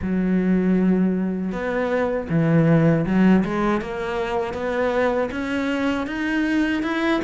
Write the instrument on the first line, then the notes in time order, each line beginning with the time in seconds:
cello
0.01 F#3
1.52 B3
2.29 E3
3.06 F#3
3.45 G#3
3.81 A#3
4.53 B3
5.31 C#4
6.07 D#4
6.83 E4